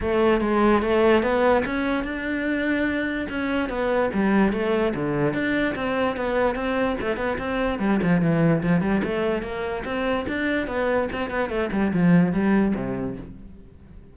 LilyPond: \new Staff \with { instrumentName = "cello" } { \time 4/4 \tempo 4 = 146 a4 gis4 a4 b4 | cis'4 d'2. | cis'4 b4 g4 a4 | d4 d'4 c'4 b4 |
c'4 a8 b8 c'4 g8 f8 | e4 f8 g8 a4 ais4 | c'4 d'4 b4 c'8 b8 | a8 g8 f4 g4 c4 | }